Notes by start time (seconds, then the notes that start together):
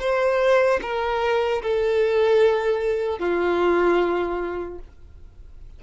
0.00 C5
0.82 A#4
1.62 A4
3.19 F4